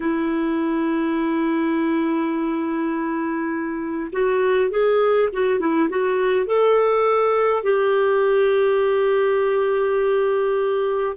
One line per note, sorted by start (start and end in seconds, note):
0.00 4.11 E4
4.12 4.70 F#4
4.70 5.29 G#4
5.33 5.59 F#4
5.59 5.89 E4
5.89 6.45 F#4
6.45 7.63 A4
7.63 11.16 G4